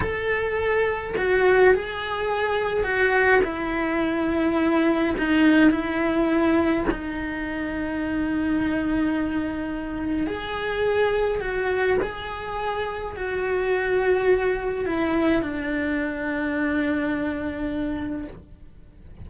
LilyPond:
\new Staff \with { instrumentName = "cello" } { \time 4/4 \tempo 4 = 105 a'2 fis'4 gis'4~ | gis'4 fis'4 e'2~ | e'4 dis'4 e'2 | dis'1~ |
dis'2 gis'2 | fis'4 gis'2 fis'4~ | fis'2 e'4 d'4~ | d'1 | }